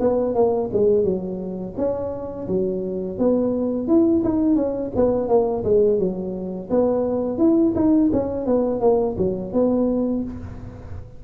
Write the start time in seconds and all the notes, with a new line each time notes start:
0.00 B3
0.35 A#3
0.73 G#3
1.04 F#3
1.77 C#4
2.48 F#3
3.19 B3
3.88 E4
4.24 D#4
4.56 C#4
4.96 B3
5.28 A#3
5.64 G#3
5.99 F#3
6.70 B3
7.38 E4
7.76 D#4
8.13 C#4
8.46 B3
8.81 A#3
9.18 F#3
9.53 B3